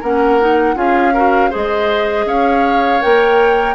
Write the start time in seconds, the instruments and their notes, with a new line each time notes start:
0.00 bassoon A#3, clarinet C#4, oboe A#4, flute F#5
0.40 clarinet D#4
0.75 bassoon C#4, clarinet F4, oboe G#4, flute F5
1.14 clarinet F#4, oboe A#4
1.50 bassoon G#3, clarinet G#4, oboe C5, flute D#5
2.25 bassoon C#4, oboe C#5, flute F5
3.01 bassoon A#3, clarinet A#4, flute G5